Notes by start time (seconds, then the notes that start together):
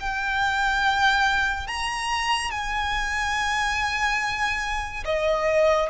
0.00 G5
1.67 A#5
2.51 G#5
5.05 D#5